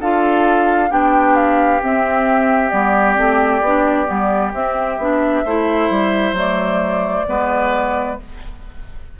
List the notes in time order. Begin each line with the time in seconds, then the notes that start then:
0.00 D4 F4 A4 F5
0.90 B3 D4 G4 G5
1.36 F5
1.82 C4 E5
2.70 G3 B3 D5
3.16 A3 C4
3.61 B3 D4
4.06 G3 B3
4.53 C4 E5
4.98 B3 D4
5.45 A3 E4 C5
5.90 G3
6.32 F#3 A3 D5
7.27 G#3 B3 B4